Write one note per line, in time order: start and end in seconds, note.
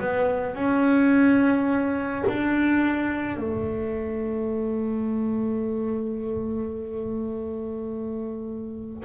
0.00 0.55 B3
0.55 2.25 C#4
2.28 3.37 D4
3.37 9.03 A3